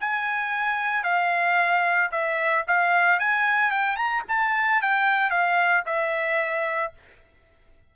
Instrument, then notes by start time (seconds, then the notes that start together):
trumpet
0.00 G#5
1.03 F5
2.11 E5
2.67 F5
3.19 G#5
3.71 G5
3.96 A#5
4.28 A5
4.81 G5
5.30 F5
5.85 E5